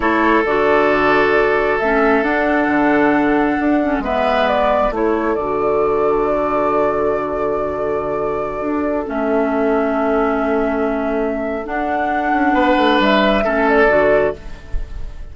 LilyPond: <<
  \new Staff \with { instrumentName = "flute" } { \time 4/4 \tempo 4 = 134 cis''4 d''2. | e''4 fis''2.~ | fis''4 e''4 d''4 cis''4 | d''1~ |
d''1~ | d''16 e''2.~ e''8.~ | e''2 fis''2~ | fis''4 e''4. d''4. | }
  \new Staff \with { instrumentName = "oboe" } { \time 4/4 a'1~ | a'1~ | a'4 b'2 a'4~ | a'1~ |
a'1~ | a'1~ | a'1 | b'2 a'2 | }
  \new Staff \with { instrumentName = "clarinet" } { \time 4/4 e'4 fis'2. | cis'4 d'2.~ | d'8 cis'8 b2 e'4 | fis'1~ |
fis'1~ | fis'16 cis'2.~ cis'8.~ | cis'2 d'2~ | d'2 cis'4 fis'4 | }
  \new Staff \with { instrumentName = "bassoon" } { \time 4/4 a4 d2. | a4 d'4 d2 | d'4 gis2 a4 | d1~ |
d2.~ d16 d'8.~ | d'16 a2.~ a8.~ | a2 d'4. cis'8 | b8 a8 g4 a4 d4 | }
>>